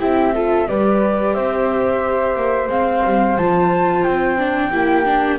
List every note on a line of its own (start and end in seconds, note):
0.00 0.68 C4
0.00 0.34 E4
0.00 0.34 G4
0.00 0.69 E5
0.35 0.68 F4
0.35 0.68 A4
0.68 1.35 G3
0.68 2.69 G4
0.68 1.35 B4
0.68 1.35 D5
1.35 2.36 C4
1.35 4.71 C5
1.35 2.69 E5
2.36 2.68 A#3
2.68 3.02 G#3
2.68 3.37 C4
2.68 3.38 F5
3.04 3.38 G3
3.38 4.06 F3
3.38 4.38 F4
3.38 4.04 A5
4.04 4.74 C4
4.04 5.39 G5
4.38 4.72 D4
4.71 5.39 A#3
4.71 5.06 E4
4.71 5.38 G4
5.06 5.39 D4